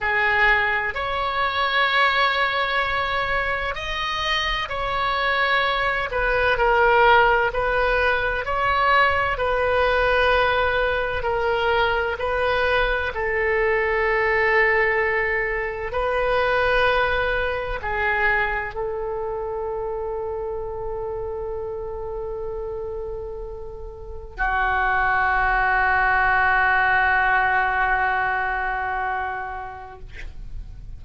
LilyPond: \new Staff \with { instrumentName = "oboe" } { \time 4/4 \tempo 4 = 64 gis'4 cis''2. | dis''4 cis''4. b'8 ais'4 | b'4 cis''4 b'2 | ais'4 b'4 a'2~ |
a'4 b'2 gis'4 | a'1~ | a'2 fis'2~ | fis'1 | }